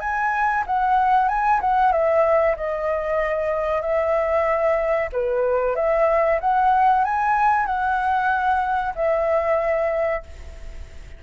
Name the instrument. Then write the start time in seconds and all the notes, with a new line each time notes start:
flute
0.00 G#5
0.66 F#5
1.28 G#5
1.60 F#5
1.91 E5
2.56 D#5
3.81 E5
5.12 B4
5.75 E5
6.40 F#5
7.04 G#5
7.66 F#5
8.95 E5